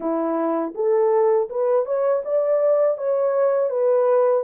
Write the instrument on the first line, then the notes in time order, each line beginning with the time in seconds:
horn
0.00 E4
0.74 A4
1.49 B4
1.85 C#5
2.24 D5
2.97 C#5
3.69 B4